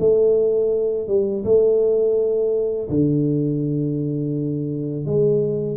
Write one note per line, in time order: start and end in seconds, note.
0.00 1.08 A3
1.08 1.44 G3
1.45 2.89 A3
2.90 5.06 D3
5.06 5.78 G#3